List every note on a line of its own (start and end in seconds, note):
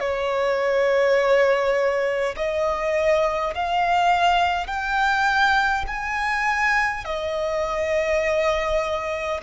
0.00 2.35 C#5
2.37 3.55 D#5
3.56 4.67 F5
4.67 5.85 G5
5.88 7.05 G#5
7.05 9.41 D#5